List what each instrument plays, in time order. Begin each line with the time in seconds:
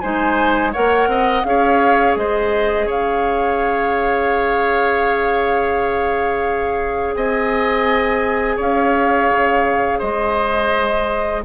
0.00 bassoon G#3, clarinet D#4, oboe C5, flute G#5
0.72 bassoon A#3, clarinet A#4, oboe C#5, flute F#5
1.07 bassoon C4, oboe D#5
1.44 bassoon C#4, clarinet G#4, oboe C#5, flute F5
2.16 bassoon G#3, oboe C5, flute D#5
2.86 bassoon C#4, oboe C#5, flute F5
7.15 bassoon C4, oboe D#5, flute G#5
8.56 bassoon C#4, oboe C#5, flute F5
9.31 bassoon C#3
9.99 bassoon G#3, oboe C5, flute D#5